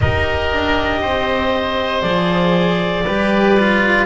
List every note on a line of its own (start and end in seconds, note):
0.00 0.52 D#4
0.00 2.03 G4
0.00 1.01 A#4
0.00 2.01 D#5
0.52 1.01 D4
1.01 2.03 C4
1.01 3.04 C5
2.01 3.04 F3
2.01 3.04 G#4
2.01 4.05 D5
3.05 4.05 G3
3.05 3.58 G4
3.05 4.05 B4
3.59 4.05 F4